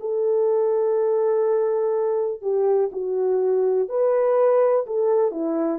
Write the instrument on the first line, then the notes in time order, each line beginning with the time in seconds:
horn
0.00 A4
2.41 G4
2.92 F#4
3.88 B4
4.86 A4
5.31 E4